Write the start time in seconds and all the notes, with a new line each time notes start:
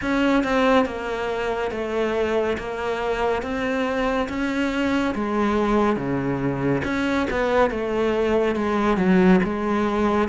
0.01 C#4
0.43 C4
0.85 A#3
1.71 A3
2.58 A#3
3.42 C4
4.28 C#4
5.14 G#3
5.96 C#3
6.84 C#4
7.30 B3
7.70 A3
8.55 G#3
8.97 F#3
9.43 G#3